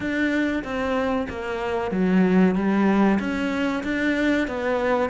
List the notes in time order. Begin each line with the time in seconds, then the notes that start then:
0.00 D4
0.64 C4
1.29 A#3
1.91 F#3
2.55 G3
3.19 C#4
3.83 D4
4.47 B3